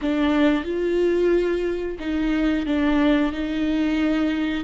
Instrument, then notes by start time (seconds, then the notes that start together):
viola
0.02 D4
0.64 F4
1.99 D#4
2.65 D4
3.32 D#4